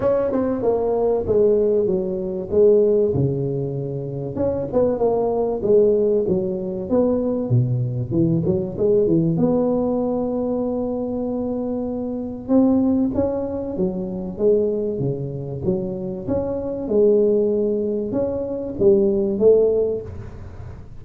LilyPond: \new Staff \with { instrumentName = "tuba" } { \time 4/4 \tempo 4 = 96 cis'8 c'8 ais4 gis4 fis4 | gis4 cis2 cis'8 b8 | ais4 gis4 fis4 b4 | b,4 e8 fis8 gis8 e8 b4~ |
b1 | c'4 cis'4 fis4 gis4 | cis4 fis4 cis'4 gis4~ | gis4 cis'4 g4 a4 | }